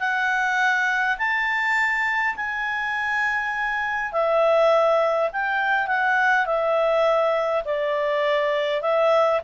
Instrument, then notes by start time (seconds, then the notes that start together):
clarinet
0.00 F#5
1.18 A5
2.36 G#5
4.13 E5
5.33 G5
5.87 F#5
6.46 E5
7.65 D5
8.82 E5